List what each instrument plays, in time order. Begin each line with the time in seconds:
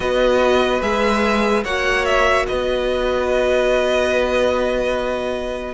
0.00 cello B3, viola F#4, violin B4 D#5
0.81 cello G#3, viola G#4, violin E5
1.64 cello A#3, viola F#4, violin C#5 F#5
2.05 violin E5
2.47 cello B3, violin B4 D#5